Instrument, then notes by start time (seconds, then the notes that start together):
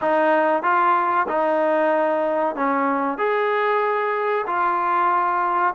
trombone
0.01 D#4
0.62 F4
1.28 D#4
2.55 C#4
3.17 G#4
4.46 F4